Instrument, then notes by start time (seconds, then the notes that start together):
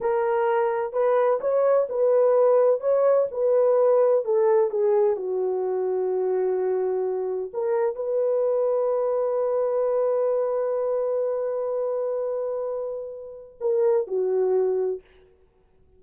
horn
0.00 A#4
0.92 B4
1.40 C#5
1.89 B4
2.80 C#5
3.31 B4
4.24 A4
4.70 G#4
5.16 F#4
7.53 A#4
7.95 B4
13.60 A#4
14.07 F#4